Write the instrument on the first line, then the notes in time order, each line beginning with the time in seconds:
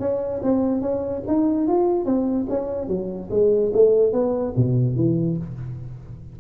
tuba
0.00 C#4
0.43 C4
0.82 C#4
1.27 D#4
1.68 F4
2.05 C4
2.50 C#4
2.88 F#3
3.31 G#3
3.74 A3
4.13 B3
4.56 B2
4.96 E3